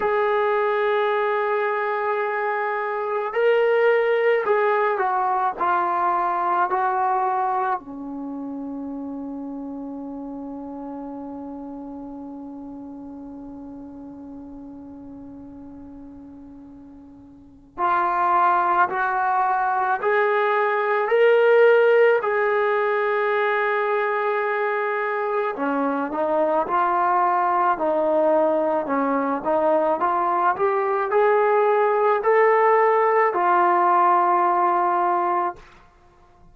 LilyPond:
\new Staff \with { instrumentName = "trombone" } { \time 4/4 \tempo 4 = 54 gis'2. ais'4 | gis'8 fis'8 f'4 fis'4 cis'4~ | cis'1~ | cis'1 |
f'4 fis'4 gis'4 ais'4 | gis'2. cis'8 dis'8 | f'4 dis'4 cis'8 dis'8 f'8 g'8 | gis'4 a'4 f'2 | }